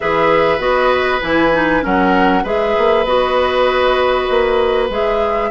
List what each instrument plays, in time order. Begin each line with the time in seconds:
0.00 bassoon E3, clarinet G#4, oboe B4, flute E5
0.58 bassoon B3, clarinet F#4, flute D#5
1.21 bassoon E3, clarinet E4, flute G#5
1.52 clarinet D#4
1.81 bassoon F#3, clarinet C#4, oboe A#4, flute F#5
2.43 bassoon G#3, clarinet G#4, oboe B4, flute E5
2.78 bassoon A#3
3.05 bassoon B3, clarinet F#4, flute D#5
4.29 bassoon A#3
4.89 bassoon G#3, clarinet G#4, flute E5